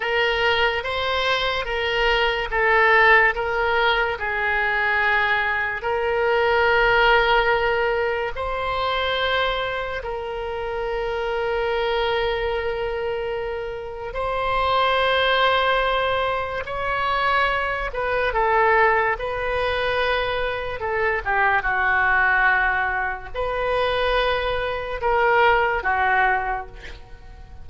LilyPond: \new Staff \with { instrumentName = "oboe" } { \time 4/4 \tempo 4 = 72 ais'4 c''4 ais'4 a'4 | ais'4 gis'2 ais'4~ | ais'2 c''2 | ais'1~ |
ais'4 c''2. | cis''4. b'8 a'4 b'4~ | b'4 a'8 g'8 fis'2 | b'2 ais'4 fis'4 | }